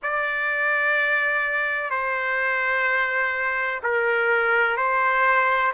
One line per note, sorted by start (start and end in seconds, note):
0.03 1.90 D5
1.90 3.81 C5
3.82 4.77 A#4
4.77 5.72 C5